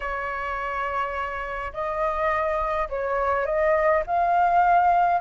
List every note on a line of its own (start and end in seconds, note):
0.00 1.72 C#5
1.73 2.88 D#5
2.89 3.45 C#5
3.45 4.03 D#5
4.06 5.20 F5